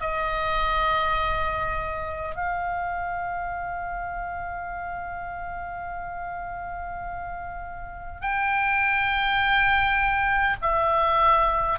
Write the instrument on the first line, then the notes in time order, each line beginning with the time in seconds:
oboe
0.00 D#5
2.35 F5
8.21 G5
10.61 E5